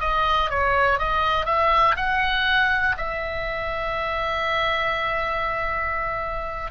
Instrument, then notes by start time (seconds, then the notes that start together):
oboe
0.00 D#5
0.50 C#5
0.98 D#5
1.45 E5
1.96 F#5
2.97 E5